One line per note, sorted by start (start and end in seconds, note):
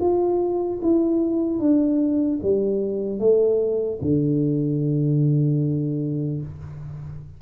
0.00 0.80 F4
0.82 1.60 E4
1.60 2.40 D4
2.43 3.19 G3
3.19 3.99 A3
4.01 6.41 D3